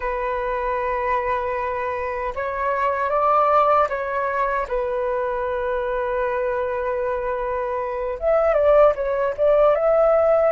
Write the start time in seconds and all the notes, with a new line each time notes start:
0.00 B4
2.35 C#5
3.10 D5
3.89 C#5
4.68 B4
8.19 E5
8.54 D5
8.95 C#5
9.37 D5
9.75 E5